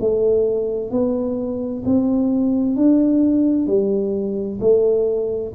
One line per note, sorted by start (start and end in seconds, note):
0.00 0.91 A3
0.91 1.83 B3
1.85 2.76 C4
2.76 3.67 D4
3.67 4.59 G3
4.61 5.53 A3